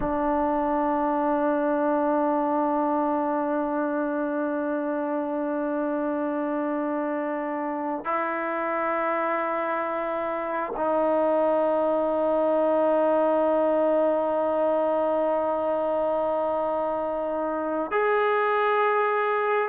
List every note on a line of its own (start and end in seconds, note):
0.00 8.04 D4
8.04 10.73 E4
10.76 17.91 D#4
17.91 19.68 G#4